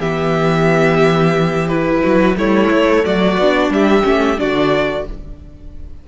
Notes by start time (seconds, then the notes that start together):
0.00 E3 B3 G4 E5
1.69 E4 B4
2.02 F#3 F#4
2.36 G3 A3 E4 C#5
2.71 A3
3.05 F#3 F#4 D5
3.38 B3 D4
3.70 G3 G4 E5
4.03 A3 C#4
4.37 D3 D4 F#4 D5